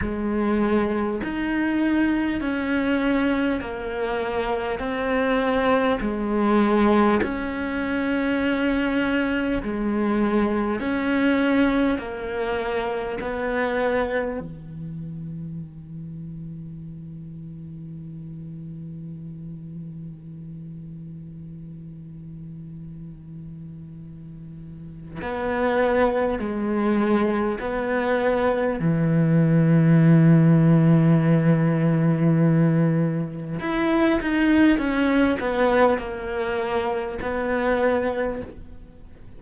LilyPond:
\new Staff \with { instrumentName = "cello" } { \time 4/4 \tempo 4 = 50 gis4 dis'4 cis'4 ais4 | c'4 gis4 cis'2 | gis4 cis'4 ais4 b4 | e1~ |
e1~ | e4 b4 gis4 b4 | e1 | e'8 dis'8 cis'8 b8 ais4 b4 | }